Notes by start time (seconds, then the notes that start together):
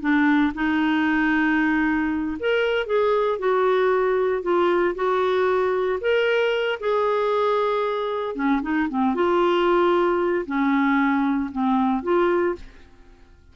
0.00 D4
0.54 D#4
2.39 A#4
2.86 G#4
3.38 F#4
4.42 F4
4.95 F#4
6.00 A#4
6.79 G#4
8.35 C#4
8.62 D#4
8.89 C4
9.14 F4
10.46 C#4
11.51 C4
12.03 F4